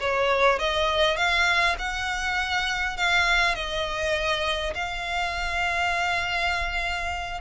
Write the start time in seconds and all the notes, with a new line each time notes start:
0.00 C#5
0.59 D#5
1.16 F5
1.78 F#5
2.97 F5
3.55 D#5
4.74 F5